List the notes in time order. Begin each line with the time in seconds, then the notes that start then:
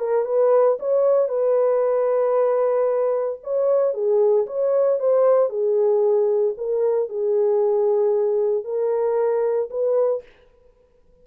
0.00 A#4
0.26 B4
0.80 C#5
1.29 B4
3.44 C#5
3.94 G#4
4.47 C#5
5.00 C5
5.50 G#4
6.58 A#4
7.10 G#4
8.65 A#4
9.71 B4